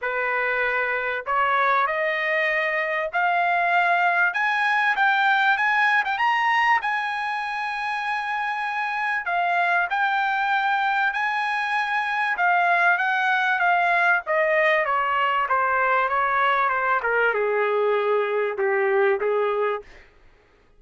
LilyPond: \new Staff \with { instrumentName = "trumpet" } { \time 4/4 \tempo 4 = 97 b'2 cis''4 dis''4~ | dis''4 f''2 gis''4 | g''4 gis''8. g''16 ais''4 gis''4~ | gis''2. f''4 |
g''2 gis''2 | f''4 fis''4 f''4 dis''4 | cis''4 c''4 cis''4 c''8 ais'8 | gis'2 g'4 gis'4 | }